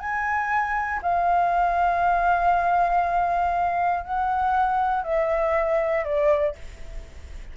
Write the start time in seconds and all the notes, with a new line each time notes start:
0.00 G#5
1.03 F5
4.04 F#5
5.04 E5
6.05 D5